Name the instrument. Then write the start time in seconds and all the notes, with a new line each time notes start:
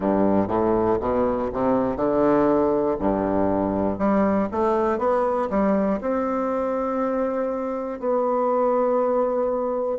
bassoon
0.00 G2
0.48 A2
1.00 B2
1.52 C3
1.96 D3
2.99 G2
3.98 G3
4.51 A3
4.98 B3
5.50 G3
6.00 C4
7.99 B3